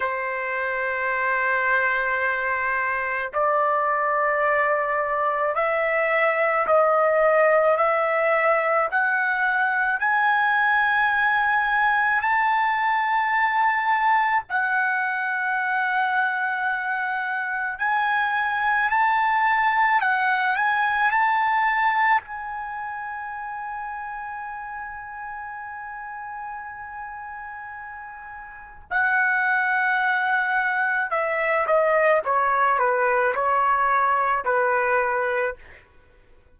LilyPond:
\new Staff \with { instrumentName = "trumpet" } { \time 4/4 \tempo 4 = 54 c''2. d''4~ | d''4 e''4 dis''4 e''4 | fis''4 gis''2 a''4~ | a''4 fis''2. |
gis''4 a''4 fis''8 gis''8 a''4 | gis''1~ | gis''2 fis''2 | e''8 dis''8 cis''8 b'8 cis''4 b'4 | }